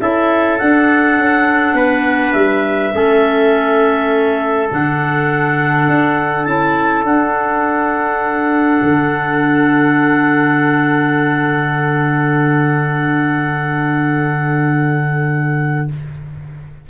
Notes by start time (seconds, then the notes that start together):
0.00 C#4 E4 A4 E5
0.59 D4 F#5
1.18 C#4
1.74 B3 B4
2.33 G3 E5
2.93 A3 C#4 A4
4.70 D3 D4 F#5
5.88 D4
6.45 C#4 E4 A5
7.03 D4 F#5
8.82 D3